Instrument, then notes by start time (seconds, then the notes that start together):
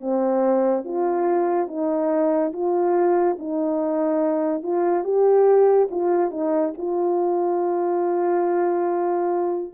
horn
0.00 C4
0.84 F4
1.67 D#4
2.52 F4
3.38 D#4
4.62 F4
5.04 G4
5.90 F4
6.30 D#4
6.77 F4